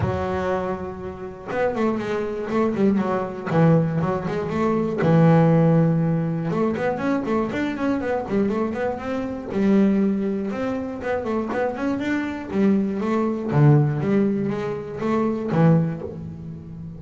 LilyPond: \new Staff \with { instrumentName = "double bass" } { \time 4/4 \tempo 4 = 120 fis2. b8 a8 | gis4 a8 g8 fis4 e4 | fis8 gis8 a4 e2~ | e4 a8 b8 cis'8 a8 d'8 cis'8 |
b8 g8 a8 b8 c'4 g4~ | g4 c'4 b8 a8 b8 cis'8 | d'4 g4 a4 d4 | g4 gis4 a4 e4 | }